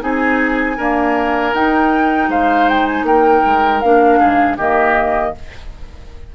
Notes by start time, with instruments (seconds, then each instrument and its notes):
0.00 bassoon C4, clarinet D#4, oboe G#4, flute G#5
0.77 clarinet A#3, bassoon D4, oboe A#4
1.53 bassoon D#4, clarinet D#4, flute G5
2.28 bassoon G#3, oboe C5, flute F5
2.69 flute G5
2.86 flute G#5
3.03 bassoon A#3, oboe A#4, flute G5
3.45 bassoon G#3
3.81 bassoon A#3, clarinet D4, flute F5
4.19 bassoon G#2, oboe G#4
4.57 bassoon D#3, clarinet A#3, oboe G4, flute D#5